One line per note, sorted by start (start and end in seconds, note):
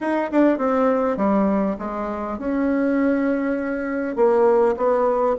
0.00 0.30 D#4
0.31 0.58 D4
0.58 1.17 C4
1.17 1.76 G3
1.78 2.38 G#3
2.38 4.16 C#4
4.16 4.75 A#3
4.76 5.36 B3